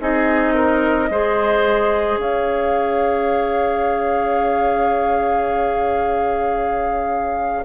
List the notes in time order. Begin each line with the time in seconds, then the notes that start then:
0.00 C4 D#4 G#4 D#5
0.54 A#4
1.10 G#3 G#4 C5
2.17 C#4 C#5 F5